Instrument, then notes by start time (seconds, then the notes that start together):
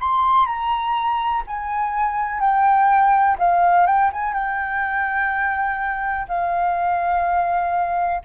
flute
0.00 C6
0.46 A#5
1.47 G#5
2.40 G5
3.38 F5
3.86 G5
4.12 G#5
4.33 G5
6.28 F5